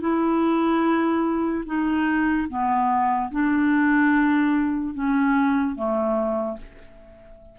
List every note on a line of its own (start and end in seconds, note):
0.00 1.64 E4
1.66 2.48 D#4
2.48 3.31 B3
3.31 4.94 D4
4.94 5.75 C#4
5.75 6.58 A3